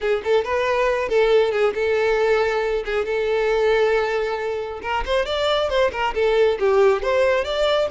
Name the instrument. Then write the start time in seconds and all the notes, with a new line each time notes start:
violin
0.00 G#4
0.23 A4
0.44 B4
1.08 A4
1.51 G#4
1.74 A4
2.85 G#4
3.05 A4
4.82 A#4
5.05 C5
5.25 D5
5.69 C5
5.92 A#4
6.14 A4
6.59 G4
7.02 C5
7.44 D5